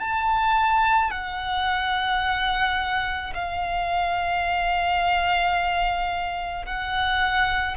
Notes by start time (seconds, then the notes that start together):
0.00 A5
1.11 F#5
3.34 F5
6.66 F#5